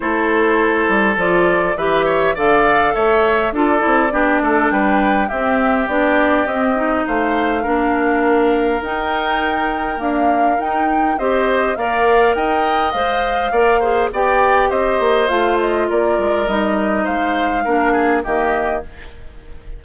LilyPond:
<<
  \new Staff \with { instrumentName = "flute" } { \time 4/4 \tempo 4 = 102 c''2 d''4 e''4 | f''4 e''4 d''2 | g''4 e''4 d''4 dis''4 | f''2. g''4~ |
g''4 f''4 g''4 dis''4 | f''4 g''4 f''2 | g''4 dis''4 f''8 dis''8 d''4 | dis''4 f''2 dis''4 | }
  \new Staff \with { instrumentName = "oboe" } { \time 4/4 a'2. b'8 cis''8 | d''4 cis''4 a'4 g'8 a'8 | b'4 g'2. | c''4 ais'2.~ |
ais'2. c''4 | d''4 dis''2 d''8 c''8 | d''4 c''2 ais'4~ | ais'4 c''4 ais'8 gis'8 g'4 | }
  \new Staff \with { instrumentName = "clarinet" } { \time 4/4 e'2 f'4 g'4 | a'2 f'8 e'8 d'4~ | d'4 c'4 d'4 c'8 dis'8~ | dis'4 d'2 dis'4~ |
dis'4 ais4 dis'4 g'4 | ais'2 c''4 ais'8 gis'8 | g'2 f'2 | dis'2 d'4 ais4 | }
  \new Staff \with { instrumentName = "bassoon" } { \time 4/4 a4. g8 f4 e4 | d4 a4 d'8 c'8 b8 a8 | g4 c'4 b4 c'4 | a4 ais2 dis'4~ |
dis'4 d'4 dis'4 c'4 | ais4 dis'4 gis4 ais4 | b4 c'8 ais8 a4 ais8 gis8 | g4 gis4 ais4 dis4 | }
>>